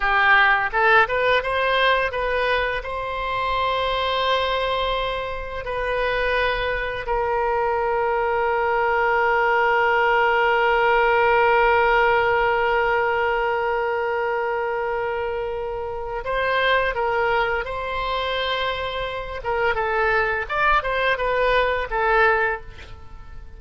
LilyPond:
\new Staff \with { instrumentName = "oboe" } { \time 4/4 \tempo 4 = 85 g'4 a'8 b'8 c''4 b'4 | c''1 | b'2 ais'2~ | ais'1~ |
ais'1~ | ais'2. c''4 | ais'4 c''2~ c''8 ais'8 | a'4 d''8 c''8 b'4 a'4 | }